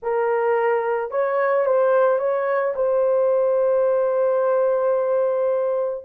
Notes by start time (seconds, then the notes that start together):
0.02 A#4
1.10 C#5
1.65 C5
2.18 C#5
2.75 C5